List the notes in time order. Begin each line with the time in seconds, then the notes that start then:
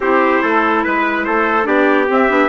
0.00 C4 E4 G4 C5
0.42 A3 A4
0.83 G#3 B4
1.24 A3 A4 C5
1.63 B3 D4 G4 D5
2.07 C4 E5
2.28 B3 D4